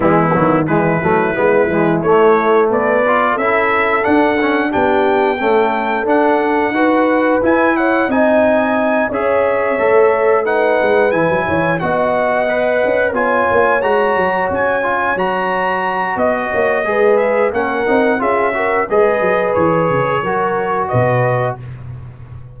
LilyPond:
<<
  \new Staff \with { instrumentName = "trumpet" } { \time 4/4 \tempo 4 = 89 e'4 b'2 cis''4 | d''4 e''4 fis''4 g''4~ | g''4 fis''2 gis''8 fis''8 | gis''4. e''2 fis''8~ |
fis''8 gis''4 fis''2 gis''8~ | gis''8 ais''4 gis''4 ais''4. | dis''4. e''8 fis''4 e''4 | dis''4 cis''2 dis''4 | }
  \new Staff \with { instrumentName = "horn" } { \time 4/4 b4 e'2. | b'4 a'2 g'4 | a'2 b'4. cis''8 | dis''4. cis''2 b'8~ |
b'4 cis''8 dis''2 cis''8~ | cis''1 | dis''8 cis''8 b'4 ais'4 gis'8 ais'8 | b'2 ais'4 b'4 | }
  \new Staff \with { instrumentName = "trombone" } { \time 4/4 gis8 fis8 gis8 a8 b8 gis8 a4~ | a8 f'8 e'4 d'8 cis'8 d'4 | a4 d'4 fis'4 e'4 | dis'4. gis'4 a'4 dis'8~ |
dis'8 e'4 fis'4 b'4 f'8~ | f'8 fis'4. f'8 fis'4.~ | fis'4 gis'4 cis'8 dis'8 f'8 fis'8 | gis'2 fis'2 | }
  \new Staff \with { instrumentName = "tuba" } { \time 4/4 e8 dis8 e8 fis8 gis8 e8 a4 | b4 cis'4 d'4 b4 | cis'4 d'4 dis'4 e'4 | c'4. cis'4 a4. |
gis8 e16 fis16 e8 b4. cis'8 b8 | ais8 gis8 fis8 cis'4 fis4. | b8 ais8 gis4 ais8 c'8 cis'4 | gis8 fis8 e8 cis8 fis4 b,4 | }
>>